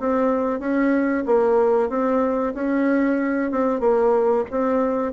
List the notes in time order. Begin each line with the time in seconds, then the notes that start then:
0.00 C4
0.60 C#4
1.26 A#3
1.90 C4
2.55 C#4
3.52 C4
3.81 A#3
4.51 C4